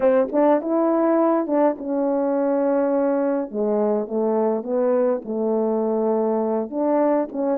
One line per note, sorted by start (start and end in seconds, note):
0.00 0.27 C4
0.32 0.61 D4
0.61 1.46 E4
1.46 1.76 D4
1.78 3.51 C#4
3.51 4.07 G#3
4.07 4.63 A3
4.63 5.21 B3
5.24 6.70 A3
6.70 7.28 D4
7.31 7.58 C#4